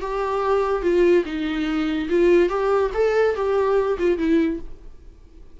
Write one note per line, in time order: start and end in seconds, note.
0.00 0.82 G4
0.82 1.23 F4
1.25 2.08 D#4
2.09 2.49 F4
2.49 2.90 G4
2.94 3.35 A4
3.35 3.97 G4
3.98 4.17 F4
4.17 4.59 E4